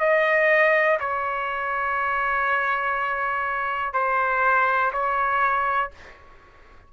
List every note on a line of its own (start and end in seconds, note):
0.00 0.98 D#5
1.00 3.93 C#5
3.93 4.92 C5
4.93 5.91 C#5